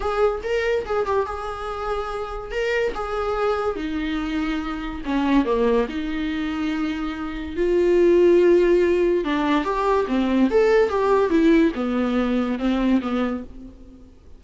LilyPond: \new Staff \with { instrumentName = "viola" } { \time 4/4 \tempo 4 = 143 gis'4 ais'4 gis'8 g'8 gis'4~ | gis'2 ais'4 gis'4~ | gis'4 dis'2. | cis'4 ais4 dis'2~ |
dis'2 f'2~ | f'2 d'4 g'4 | c'4 a'4 g'4 e'4 | b2 c'4 b4 | }